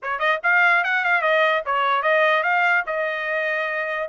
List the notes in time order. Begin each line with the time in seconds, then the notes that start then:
0.02 C#5
0.19 D#5
0.43 F5
0.83 F#5
1.04 F5
1.21 D#5
1.65 C#5
2.02 D#5
2.43 F5
2.86 D#5